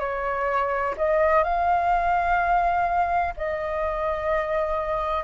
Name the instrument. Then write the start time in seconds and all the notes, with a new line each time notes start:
flute
0.00 C#5
0.97 D#5
1.44 F5
3.37 D#5